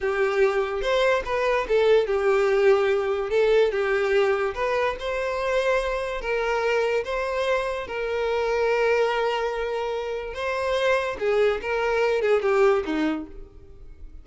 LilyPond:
\new Staff \with { instrumentName = "violin" } { \time 4/4 \tempo 4 = 145 g'2 c''4 b'4 | a'4 g'2. | a'4 g'2 b'4 | c''2. ais'4~ |
ais'4 c''2 ais'4~ | ais'1~ | ais'4 c''2 gis'4 | ais'4. gis'8 g'4 dis'4 | }